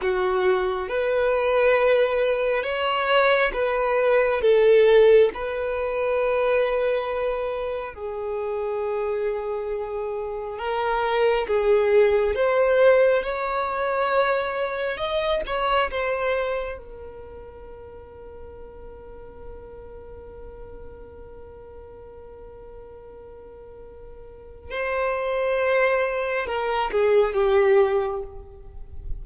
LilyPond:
\new Staff \with { instrumentName = "violin" } { \time 4/4 \tempo 4 = 68 fis'4 b'2 cis''4 | b'4 a'4 b'2~ | b'4 gis'2. | ais'4 gis'4 c''4 cis''4~ |
cis''4 dis''8 cis''8 c''4 ais'4~ | ais'1~ | ais'1 | c''2 ais'8 gis'8 g'4 | }